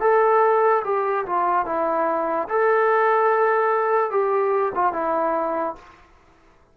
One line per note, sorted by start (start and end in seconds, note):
0.00 0.82 A4
0.84 1.25 G4
1.26 1.65 F4
1.65 2.47 E4
2.48 4.10 A4
4.10 4.72 G4
4.74 4.92 F4
4.92 5.75 E4